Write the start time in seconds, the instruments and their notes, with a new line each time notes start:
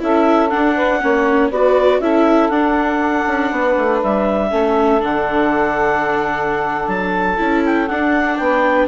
0.00 bassoon C#4, viola E4, saxophone A4, clarinet E5
0.50 viola D4, bassoon D4, clarinet F#5
0.76 saxophone B4
1.01 bassoon A#3, viola C#4, saxophone C#5
1.50 bassoon B3, viola F#4, saxophone B4, clarinet D5
2.00 bassoon C#4, viola E4, saxophone A4, clarinet E5
2.50 bassoon D4, viola D4, clarinet F#5
3.27 bassoon C#4
3.51 bassoon B3, saxophone B4
3.77 bassoon A3
4.03 bassoon G3, clarinet E5
4.51 bassoon A3, viola C#4, saxophone A4
5.01 bassoon D3, viola D4, clarinet F#5
6.88 bassoon F#3, clarinet A5
7.38 bassoon C#4, viola E4
7.66 clarinet G5
7.88 bassoon D4, viola D4, clarinet F#5
8.37 bassoon B3, saxophone B4, clarinet G5